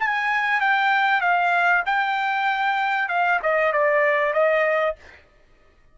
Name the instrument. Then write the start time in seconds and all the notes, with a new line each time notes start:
trumpet
0.00 G#5
0.61 G5
1.21 F5
1.86 G5
3.09 F5
3.43 D#5
3.73 D5
4.34 D#5